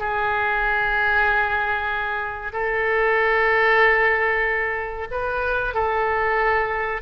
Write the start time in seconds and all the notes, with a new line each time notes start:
0.00 G#4
2.53 A4
5.11 B4
5.74 A4